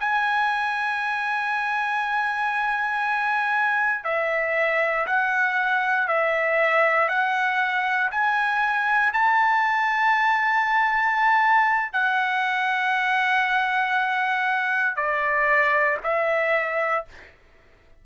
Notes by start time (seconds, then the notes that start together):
0.00 G#5
4.05 E5
5.07 F#5
6.08 E5
7.09 F#5
8.12 G#5
9.13 A5
11.93 F#5
14.96 D5
16.04 E5